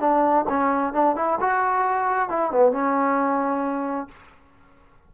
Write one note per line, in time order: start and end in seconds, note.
0.00 0.45 D4
0.49 0.93 C#4
0.93 1.16 D4
1.16 1.39 E4
1.41 2.30 F#4
2.30 2.51 E4
2.51 2.72 B3
2.72 4.08 C#4